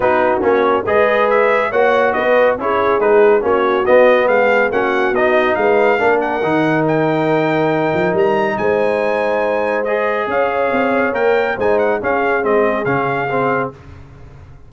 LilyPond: <<
  \new Staff \with { instrumentName = "trumpet" } { \time 4/4 \tempo 4 = 140 b'4 cis''4 dis''4 e''4 | fis''4 dis''4 cis''4 b'4 | cis''4 dis''4 f''4 fis''4 | dis''4 f''4. fis''4. |
g''2. ais''4 | gis''2. dis''4 | f''2 g''4 gis''8 fis''8 | f''4 dis''4 f''2 | }
  \new Staff \with { instrumentName = "horn" } { \time 4/4 fis'2 b'2 | cis''4 b'4 gis'2 | fis'2 gis'4 fis'4~ | fis'4 b'4 ais'2~ |
ais'1 | c''1 | cis''2. c''4 | gis'1 | }
  \new Staff \with { instrumentName = "trombone" } { \time 4/4 dis'4 cis'4 gis'2 | fis'2 e'4 dis'4 | cis'4 b2 cis'4 | dis'2 d'4 dis'4~ |
dis'1~ | dis'2. gis'4~ | gis'2 ais'4 dis'4 | cis'4 c'4 cis'4 c'4 | }
  \new Staff \with { instrumentName = "tuba" } { \time 4/4 b4 ais4 gis2 | ais4 b4 cis'4 gis4 | ais4 b4 gis4 ais4 | b4 gis4 ais4 dis4~ |
dis2~ dis8 f8 g4 | gis1 | cis'4 c'4 ais4 gis4 | cis'4 gis4 cis2 | }
>>